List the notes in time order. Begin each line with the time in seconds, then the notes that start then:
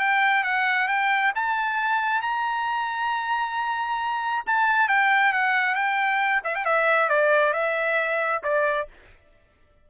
0.00 G5
0.44 F#5
0.88 G5
1.36 A5
2.22 A#5
4.47 A5
4.88 G5
5.33 F#5
5.75 G5
6.44 E5
6.55 G5
6.65 E5
7.10 D5
7.54 E5
8.43 D5